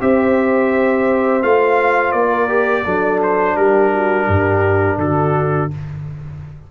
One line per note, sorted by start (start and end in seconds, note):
0.00 1.42 C4
0.00 1.42 G4
0.00 2.28 C5
0.00 1.42 E5
1.42 2.12 A3
1.42 2.48 F4
1.42 2.11 F5
2.11 2.84 A#3
2.11 3.19 D5
2.28 2.82 A#4
2.48 2.84 G4
2.84 3.56 F#3
2.84 5.71 D4
2.84 3.55 A4
3.22 3.56 C5
3.56 4.27 G3
3.56 3.92 G4
3.56 4.99 A#4
3.93 4.26 F#4
4.26 4.98 G2
4.26 4.97 G4
4.98 5.69 D3
4.98 5.71 F#4
4.98 5.70 A4